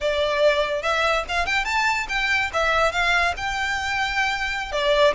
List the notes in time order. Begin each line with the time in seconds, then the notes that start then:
0.00 D5
0.82 E5
1.28 F5
1.46 G5
1.64 A5
2.09 G5
2.53 E5
2.92 F5
3.36 G5
4.72 D5